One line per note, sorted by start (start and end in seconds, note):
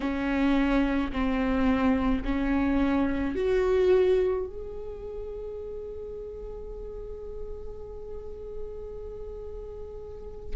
0.00 1.11 C#4
1.12 2.23 C4
2.24 3.35 C#4
3.35 4.46 F#4
4.46 10.56 G#4